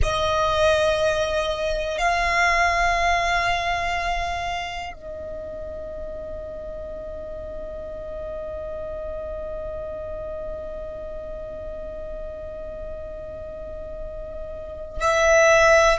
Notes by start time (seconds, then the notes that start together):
0.02 D#5
1.98 F5
4.93 D#5
15.00 E5